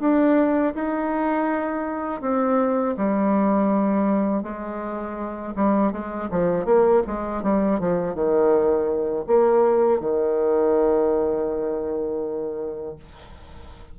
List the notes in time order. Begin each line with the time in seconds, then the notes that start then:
0.00 D4
0.75 D#4
2.22 C4
2.97 G3
4.43 G#3
5.56 G3
5.92 G#3
6.31 F3
6.65 A#3
7.07 G#3
7.43 G3
7.80 F3
8.14 D#3
9.27 A#3
10.00 D#3